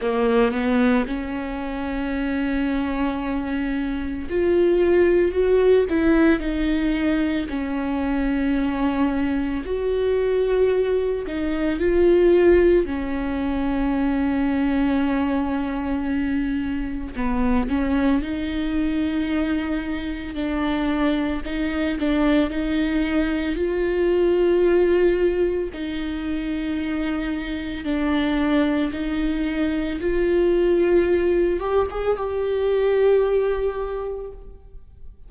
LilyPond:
\new Staff \with { instrumentName = "viola" } { \time 4/4 \tempo 4 = 56 ais8 b8 cis'2. | f'4 fis'8 e'8 dis'4 cis'4~ | cis'4 fis'4. dis'8 f'4 | cis'1 |
b8 cis'8 dis'2 d'4 | dis'8 d'8 dis'4 f'2 | dis'2 d'4 dis'4 | f'4. g'16 gis'16 g'2 | }